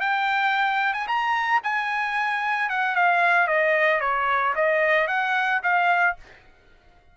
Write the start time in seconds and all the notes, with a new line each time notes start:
0.00 G5
0.93 G#5
1.07 A#5
1.63 G#5
2.69 F#5
2.96 F5
3.47 D#5
4.01 C#5
4.55 D#5
5.07 F#5
5.63 F5